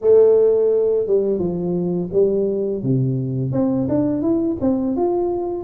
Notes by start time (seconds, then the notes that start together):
0.01 A3
1.07 G3
1.39 F3
2.12 G3
2.82 C3
3.52 C4
3.88 D4
4.21 E4
4.61 C4
4.96 F4